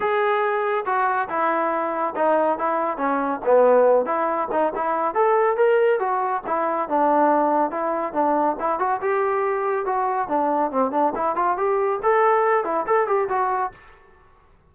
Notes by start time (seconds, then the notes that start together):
0.00 G#4
0.85 F#4
1.29 E4
2.15 D#4
2.58 E4
2.97 C#4
3.45 B3
4.05 E4
4.51 D#4
4.75 E4
5.14 A4
5.56 A#4
5.99 F#4
6.46 E4
6.88 D4
7.70 E4
8.13 D4
8.59 E4
8.79 F#4
9.01 G4
9.85 F#4
10.28 D4
10.71 C4
10.91 D4
11.15 E4
11.35 F4
11.57 G4
12.02 A4
12.64 E4
12.86 A4
13.07 G4
13.29 F#4